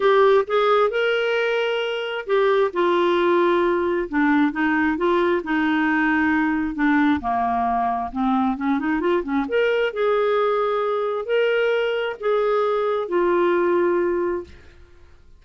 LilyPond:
\new Staff \with { instrumentName = "clarinet" } { \time 4/4 \tempo 4 = 133 g'4 gis'4 ais'2~ | ais'4 g'4 f'2~ | f'4 d'4 dis'4 f'4 | dis'2. d'4 |
ais2 c'4 cis'8 dis'8 | f'8 cis'8 ais'4 gis'2~ | gis'4 ais'2 gis'4~ | gis'4 f'2. | }